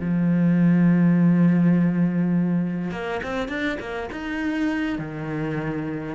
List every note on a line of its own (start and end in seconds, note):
0.00 2.91 F3
2.91 3.21 A#3
3.23 3.48 C4
3.48 3.78 D4
3.80 4.09 A#3
4.12 4.98 D#4
4.98 6.15 D#3